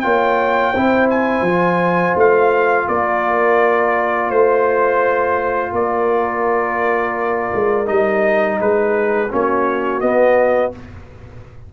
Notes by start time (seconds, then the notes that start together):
0.00 A#3 F4 C#5 G5
0.71 C4 E4 C5
1.10 G#5
1.41 F3
1.48 F4
2.16 A3 F5
2.88 A#3 A#4 D5
4.29 A3 C5
5.72 A#3 A#4 D5
7.54 G#3
7.85 G3 D#4 D#5
8.60 G#3 G#4 B4
9.29 A#3 C#4 F#4 C#5
10.00 B3 D#5